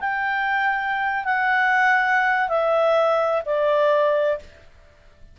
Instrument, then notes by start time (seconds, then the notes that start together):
clarinet
0.00 G5
1.25 F#5
2.49 E5
3.46 D5